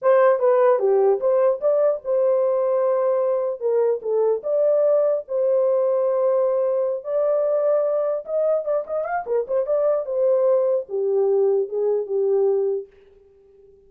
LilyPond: \new Staff \with { instrumentName = "horn" } { \time 4/4 \tempo 4 = 149 c''4 b'4 g'4 c''4 | d''4 c''2.~ | c''4 ais'4 a'4 d''4~ | d''4 c''2.~ |
c''4. d''2~ d''8~ | d''8 dis''4 d''8 dis''8 f''8 ais'8 c''8 | d''4 c''2 g'4~ | g'4 gis'4 g'2 | }